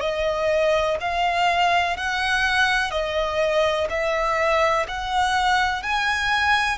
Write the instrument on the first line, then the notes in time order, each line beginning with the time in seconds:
violin
0.00 D#5
1.00 F5
1.97 F#5
2.90 D#5
3.89 E5
4.87 F#5
5.82 G#5